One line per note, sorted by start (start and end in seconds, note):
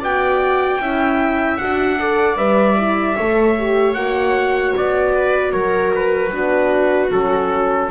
0.00 0.79 B3
0.00 0.81 F#4
0.00 0.79 D5
0.00 1.57 G5
0.79 1.58 C#4
0.79 1.59 E4
0.79 2.00 E5
1.57 2.36 D4
1.57 1.99 F#4
1.57 2.36 F#5
1.99 2.37 A4
1.99 3.16 D5
2.36 3.15 G3
2.36 2.76 B4
2.36 3.94 E5
2.77 3.16 E4
3.16 3.95 A3
3.16 3.57 A4
3.16 5.13 C#5
3.57 3.96 G4
3.94 4.74 A#3
3.94 6.32 F#4
3.94 4.73 F#5
4.77 5.53 B3
4.77 5.52 D5
5.15 5.53 B4
5.52 6.32 F#3
5.52 6.31 A#4
5.52 5.91 C#5
5.95 7.12 B4
6.31 7.11 B3
6.31 7.11 D4
6.31 7.89 F#4
7.12 7.91 F#3
7.12 7.91 C#4
7.12 7.91 A4